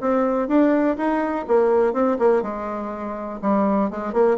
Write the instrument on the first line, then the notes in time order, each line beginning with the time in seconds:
bassoon
0.00 C4
0.48 D4
0.97 D#4
1.47 A#3
1.93 C4
2.18 A#3
2.42 G#3
3.41 G3
3.90 G#3
4.13 A#3